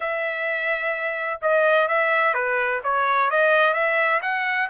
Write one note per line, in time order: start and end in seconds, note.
0.00 1.40 E5
1.41 1.87 D#5
1.87 2.34 E5
2.34 2.80 B4
2.83 3.30 C#5
3.30 3.73 D#5
3.73 4.20 E5
4.22 4.69 F#5